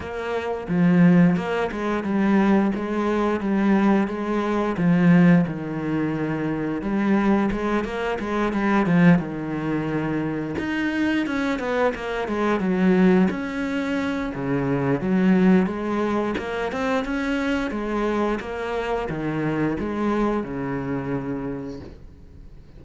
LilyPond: \new Staff \with { instrumentName = "cello" } { \time 4/4 \tempo 4 = 88 ais4 f4 ais8 gis8 g4 | gis4 g4 gis4 f4 | dis2 g4 gis8 ais8 | gis8 g8 f8 dis2 dis'8~ |
dis'8 cis'8 b8 ais8 gis8 fis4 cis'8~ | cis'4 cis4 fis4 gis4 | ais8 c'8 cis'4 gis4 ais4 | dis4 gis4 cis2 | }